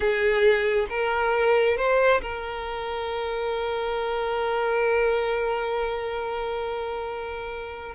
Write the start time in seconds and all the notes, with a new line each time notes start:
0.00 G#4
0.89 A#4
1.77 C5
2.21 A#4